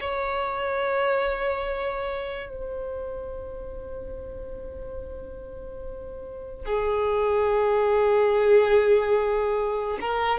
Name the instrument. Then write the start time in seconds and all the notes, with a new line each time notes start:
violin
0.00 C#5
2.49 C5
6.65 G#4
10.00 A#4